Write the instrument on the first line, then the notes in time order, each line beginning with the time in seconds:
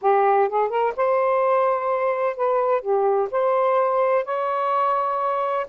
saxophone
0.01 G4
0.48 G#4
0.69 A#4
0.96 C5
2.36 B4
2.81 G4
3.31 C5
4.24 C#5